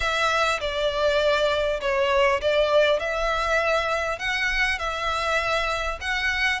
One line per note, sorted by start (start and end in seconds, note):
0.00 0.60 E5
0.60 1.80 D5
1.80 2.40 C#5
2.41 2.99 D5
2.99 4.18 E5
4.18 4.78 F#5
4.78 5.98 E5
6.01 6.60 F#5